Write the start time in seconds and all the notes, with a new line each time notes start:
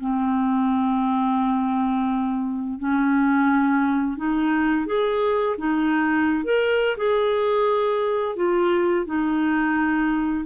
0.00 C4
2.79 C#4
4.17 D#4
4.86 G#4
5.58 D#4
6.44 A#4
6.97 G#4
8.36 F4
9.06 D#4